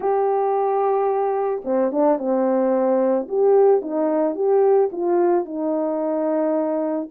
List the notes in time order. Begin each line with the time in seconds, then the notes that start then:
0.00 G4
1.64 C4
1.91 D4
2.18 C4
3.28 G4
3.81 D#4
4.35 G4
4.92 F4
5.45 D#4